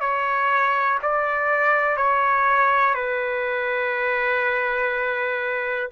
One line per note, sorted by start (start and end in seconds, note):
0.00 0.98 C#5
1.02 1.97 D5
1.97 2.94 C#5
2.94 5.89 B4